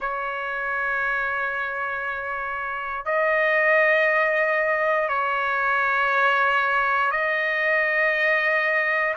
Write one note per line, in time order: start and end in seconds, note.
0.00 3.05 C#5
3.05 5.08 D#5
5.08 7.11 C#5
7.11 9.14 D#5